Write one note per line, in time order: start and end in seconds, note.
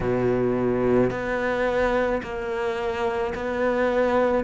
0.00 1.10 B2
1.10 2.21 B3
2.22 3.33 A#3
3.34 4.44 B3